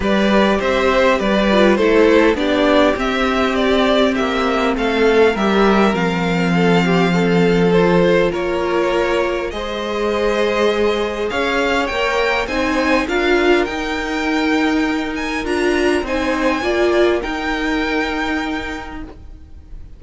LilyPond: <<
  \new Staff \with { instrumentName = "violin" } { \time 4/4 \tempo 4 = 101 d''4 e''4 d''4 c''4 | d''4 e''4 d''4 e''4 | f''4 e''4 f''2~ | f''4 c''4 cis''2 |
dis''2. f''4 | g''4 gis''4 f''4 g''4~ | g''4. gis''8 ais''4 gis''4~ | gis''4 g''2. | }
  \new Staff \with { instrumentName = "violin" } { \time 4/4 b'4 c''4 b'4 a'4 | g'1 | a'4 ais'2 a'8 g'8 | a'2 ais'2 |
c''2. cis''4~ | cis''4 c''4 ais'2~ | ais'2. c''4 | d''4 ais'2. | }
  \new Staff \with { instrumentName = "viola" } { \time 4/4 g'2~ g'8 f'8 e'4 | d'4 c'2.~ | c'4 g'4 c'2~ | c'4 f'2. |
gis'1 | ais'4 dis'4 f'4 dis'4~ | dis'2 f'4 dis'4 | f'4 dis'2. | }
  \new Staff \with { instrumentName = "cello" } { \time 4/4 g4 c'4 g4 a4 | b4 c'2 ais4 | a4 g4 f2~ | f2 ais2 |
gis2. cis'4 | ais4 c'4 d'4 dis'4~ | dis'2 d'4 c'4 | ais4 dis'2. | }
>>